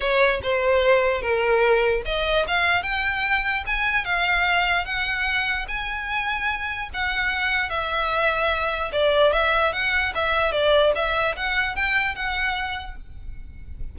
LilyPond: \new Staff \with { instrumentName = "violin" } { \time 4/4 \tempo 4 = 148 cis''4 c''2 ais'4~ | ais'4 dis''4 f''4 g''4~ | g''4 gis''4 f''2 | fis''2 gis''2~ |
gis''4 fis''2 e''4~ | e''2 d''4 e''4 | fis''4 e''4 d''4 e''4 | fis''4 g''4 fis''2 | }